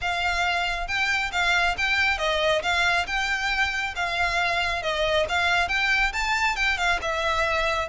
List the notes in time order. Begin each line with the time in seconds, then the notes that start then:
0.01 F5
0.87 G5
1.32 F5
1.77 G5
2.18 D#5
2.62 F5
3.07 G5
3.95 F5
4.82 D#5
5.29 F5
5.68 G5
6.13 A5
6.56 G5
6.77 F5
7.01 E5